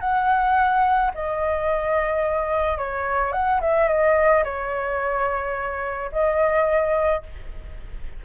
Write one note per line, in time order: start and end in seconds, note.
0.00 1.11 F#5
1.14 2.78 D#5
2.78 3.32 C#5
3.32 3.60 F#5
3.61 3.88 E5
3.88 4.43 D#5
4.44 6.10 C#5
6.12 7.23 D#5